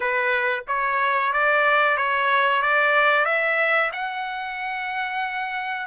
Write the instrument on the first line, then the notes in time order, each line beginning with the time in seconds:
trumpet
0.00 B4
0.67 C#5
1.32 D5
1.97 C#5
2.61 D5
3.25 E5
3.92 F#5